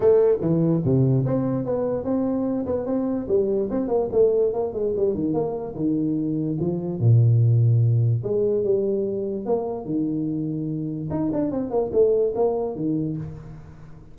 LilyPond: \new Staff \with { instrumentName = "tuba" } { \time 4/4 \tempo 4 = 146 a4 e4 c4 c'4 | b4 c'4. b8 c'4 | g4 c'8 ais8 a4 ais8 gis8 | g8 dis8 ais4 dis2 |
f4 ais,2. | gis4 g2 ais4 | dis2. dis'8 d'8 | c'8 ais8 a4 ais4 dis4 | }